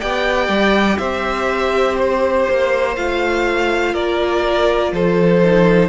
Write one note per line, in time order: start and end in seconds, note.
0.00 0.49 B3
0.00 2.95 G4
0.00 0.98 D5
0.00 0.98 G5
0.49 0.98 G3
0.98 2.47 C4
0.98 3.93 C5
0.98 1.96 E5
1.99 2.96 C5
2.49 2.97 A#3
2.96 3.95 A3
2.96 5.42 F4
2.96 3.94 F5
3.93 4.93 A#3
3.93 4.91 A#4
3.93 4.93 D5
4.93 5.89 F3
4.93 5.89 A4
4.93 5.89 C5
5.43 5.89 D#4